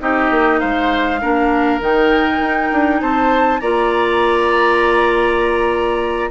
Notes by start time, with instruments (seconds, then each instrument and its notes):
0.00 bassoon C4, clarinet D#4, oboe G4, flute D#5
0.30 bassoon A#3
0.59 bassoon G#3, oboe C5, flute F5
1.20 bassoon A#3, clarinet D4, oboe A#4
1.80 bassoon D#3, clarinet D#4, flute G5
2.39 bassoon D#4
2.72 bassoon D4
3.01 bassoon C4, oboe C5, flute A5
3.60 bassoon A#3, clarinet F4, oboe D5, flute A#5